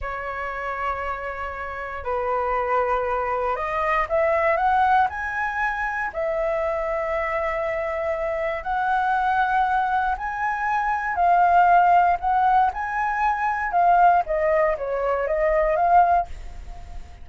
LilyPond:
\new Staff \with { instrumentName = "flute" } { \time 4/4 \tempo 4 = 118 cis''1 | b'2. dis''4 | e''4 fis''4 gis''2 | e''1~ |
e''4 fis''2. | gis''2 f''2 | fis''4 gis''2 f''4 | dis''4 cis''4 dis''4 f''4 | }